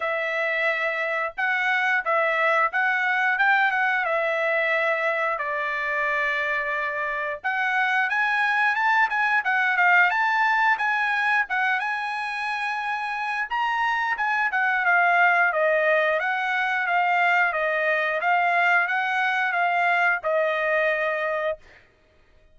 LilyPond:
\new Staff \with { instrumentName = "trumpet" } { \time 4/4 \tempo 4 = 89 e''2 fis''4 e''4 | fis''4 g''8 fis''8 e''2 | d''2. fis''4 | gis''4 a''8 gis''8 fis''8 f''8 a''4 |
gis''4 fis''8 gis''2~ gis''8 | ais''4 gis''8 fis''8 f''4 dis''4 | fis''4 f''4 dis''4 f''4 | fis''4 f''4 dis''2 | }